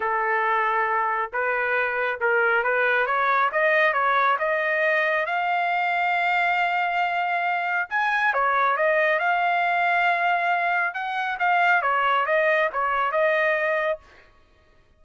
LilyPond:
\new Staff \with { instrumentName = "trumpet" } { \time 4/4 \tempo 4 = 137 a'2. b'4~ | b'4 ais'4 b'4 cis''4 | dis''4 cis''4 dis''2 | f''1~ |
f''2 gis''4 cis''4 | dis''4 f''2.~ | f''4 fis''4 f''4 cis''4 | dis''4 cis''4 dis''2 | }